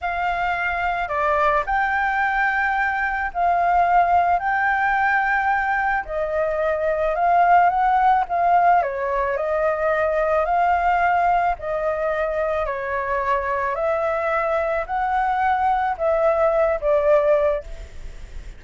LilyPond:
\new Staff \with { instrumentName = "flute" } { \time 4/4 \tempo 4 = 109 f''2 d''4 g''4~ | g''2 f''2 | g''2. dis''4~ | dis''4 f''4 fis''4 f''4 |
cis''4 dis''2 f''4~ | f''4 dis''2 cis''4~ | cis''4 e''2 fis''4~ | fis''4 e''4. d''4. | }